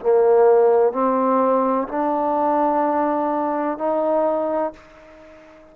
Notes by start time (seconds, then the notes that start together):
0.00 A#3
0.93 C4
1.88 D4
3.78 D#4